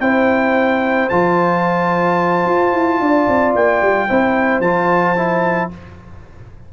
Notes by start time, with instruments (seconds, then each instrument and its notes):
0.00 tuba C4, trombone E4, horn C5, trumpet G5
1.09 tuba F3, trombone F4, trumpet A5
2.46 tuba F4
2.73 tuba E4
3.00 tuba D4, horn D5
3.28 tuba C4
3.55 tuba A#3, trumpet G5
3.82 tuba G3
4.09 tuba C4, trombone E4, horn C5
4.60 tuba F3, trombone F4, trumpet A5
5.16 trombone E4